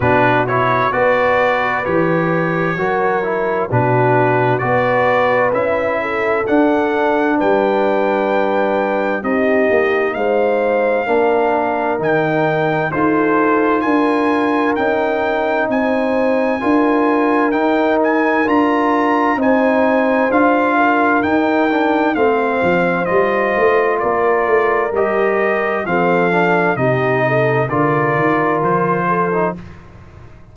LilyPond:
<<
  \new Staff \with { instrumentName = "trumpet" } { \time 4/4 \tempo 4 = 65 b'8 cis''8 d''4 cis''2 | b'4 d''4 e''4 fis''4 | g''2 dis''4 f''4~ | f''4 g''4 c''4 gis''4 |
g''4 gis''2 g''8 gis''8 | ais''4 gis''4 f''4 g''4 | f''4 dis''4 d''4 dis''4 | f''4 dis''4 d''4 c''4 | }
  \new Staff \with { instrumentName = "horn" } { \time 4/4 fis'4 b'2 ais'4 | fis'4 b'4. a'4. | b'2 g'4 c''4 | ais'2 a'4 ais'4~ |
ais'4 c''4 ais'2~ | ais'4 c''4. ais'4. | c''2 ais'2 | a'4 g'8 a'8 ais'4. a'8 | }
  \new Staff \with { instrumentName = "trombone" } { \time 4/4 d'8 e'8 fis'4 g'4 fis'8 e'8 | d'4 fis'4 e'4 d'4~ | d'2 dis'2 | d'4 dis'4 f'2 |
dis'2 f'4 dis'4 | f'4 dis'4 f'4 dis'8 d'8 | c'4 f'2 g'4 | c'8 d'8 dis'4 f'4.~ f'16 dis'16 | }
  \new Staff \with { instrumentName = "tuba" } { \time 4/4 b,4 b4 e4 fis4 | b,4 b4 cis'4 d'4 | g2 c'8 ais8 gis4 | ais4 dis4 dis'4 d'4 |
cis'4 c'4 d'4 dis'4 | d'4 c'4 d'4 dis'4 | a8 f8 g8 a8 ais8 a8 g4 | f4 c4 d8 dis8 f4 | }
>>